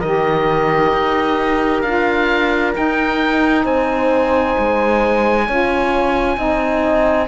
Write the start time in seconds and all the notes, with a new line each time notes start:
0.00 D#3 G4 A#4 D#5
0.92 D#4
1.81 D4 F4 F5
2.73 D#4 G5
3.64 C4 C5 G#5
4.58 G#3
5.47 C#4 F4 C#5
6.36 C4 D#4 D#5